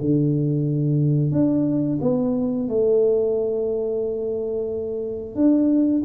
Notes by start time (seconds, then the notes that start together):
0.00 D3
1.31 D4
2.01 B3
2.68 A3
5.35 D4